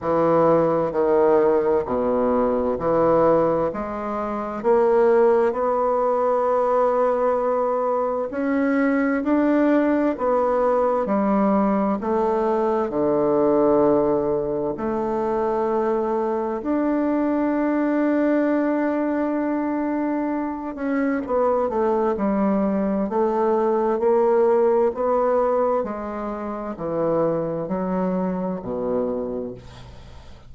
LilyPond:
\new Staff \with { instrumentName = "bassoon" } { \time 4/4 \tempo 4 = 65 e4 dis4 b,4 e4 | gis4 ais4 b2~ | b4 cis'4 d'4 b4 | g4 a4 d2 |
a2 d'2~ | d'2~ d'8 cis'8 b8 a8 | g4 a4 ais4 b4 | gis4 e4 fis4 b,4 | }